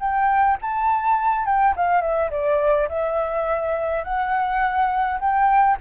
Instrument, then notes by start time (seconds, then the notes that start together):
flute
0.00 G5
0.61 A5
1.45 G5
1.76 F5
2.01 E5
2.31 D5
2.89 E5
4.04 F#5
5.20 G5